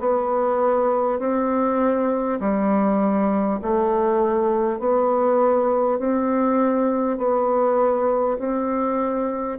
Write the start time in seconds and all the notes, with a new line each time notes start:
0.00 B3
1.19 C4
2.41 G3
3.62 A3
4.79 B3
5.99 C4
7.18 B3
8.39 C4